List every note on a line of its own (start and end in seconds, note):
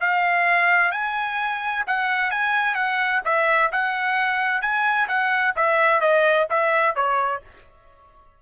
0.00 0.92 F5
0.92 1.84 G#5
1.87 2.31 F#5
2.31 2.75 G#5
2.75 3.21 F#5
3.25 3.71 E5
3.72 4.62 F#5
4.62 5.08 G#5
5.08 5.54 F#5
5.56 6.01 E5
6.01 6.47 D#5
6.50 6.96 E5
6.96 7.42 C#5